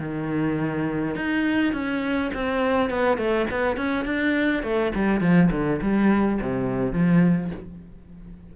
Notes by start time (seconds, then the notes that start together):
0.00 D#3
1.16 D#4
1.74 C#4
2.34 C4
2.90 B3
3.18 A3
3.51 B3
3.77 C#4
4.05 D4
4.63 A3
4.96 G3
5.21 F3
5.52 D3
5.82 G3
6.42 C3
6.93 F3